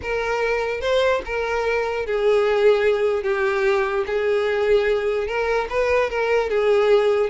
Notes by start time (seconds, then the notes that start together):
0.02 A#4
0.81 C5
1.25 A#4
2.05 G#4
3.23 G4
4.06 G#4
5.27 A#4
5.69 B4
6.10 A#4
6.49 G#4